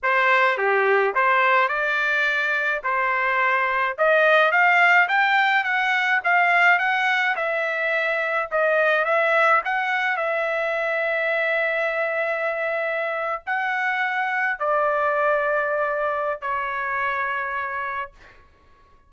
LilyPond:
\new Staff \with { instrumentName = "trumpet" } { \time 4/4 \tempo 4 = 106 c''4 g'4 c''4 d''4~ | d''4 c''2 dis''4 | f''4 g''4 fis''4 f''4 | fis''4 e''2 dis''4 |
e''4 fis''4 e''2~ | e''2.~ e''8. fis''16~ | fis''4.~ fis''16 d''2~ d''16~ | d''4 cis''2. | }